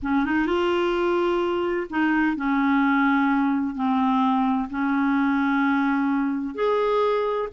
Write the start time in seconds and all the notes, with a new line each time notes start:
0.02 C#4
0.25 D#4
0.46 F4
1.90 D#4
2.36 C#4
3.75 C4
4.70 C#4
6.54 G#4